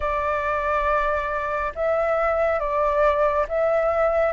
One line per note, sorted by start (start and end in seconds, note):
0.00 1.72 D5
1.75 2.59 E5
2.59 3.46 D5
3.48 4.32 E5